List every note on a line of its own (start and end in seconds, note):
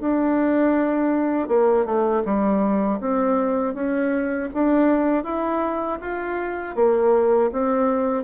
0.00 1.48 D4
1.48 1.85 A#3
1.85 2.22 A3
2.25 3.00 G3
3.00 3.74 C4
3.74 4.49 C#4
4.54 5.23 D4
5.23 5.98 E4
6.00 6.75 F4
6.75 7.50 A#3
7.52 8.23 C4